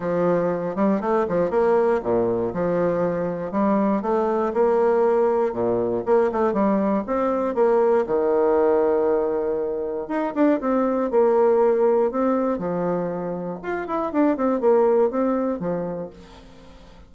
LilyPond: \new Staff \with { instrumentName = "bassoon" } { \time 4/4 \tempo 4 = 119 f4. g8 a8 f8 ais4 | ais,4 f2 g4 | a4 ais2 ais,4 | ais8 a8 g4 c'4 ais4 |
dis1 | dis'8 d'8 c'4 ais2 | c'4 f2 f'8 e'8 | d'8 c'8 ais4 c'4 f4 | }